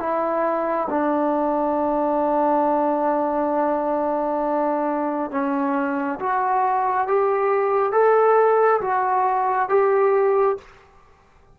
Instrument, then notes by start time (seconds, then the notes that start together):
trombone
0.00 E4
0.90 D4
5.31 C#4
6.20 F#4
7.07 G4
7.93 A4
8.81 F#4
9.69 G4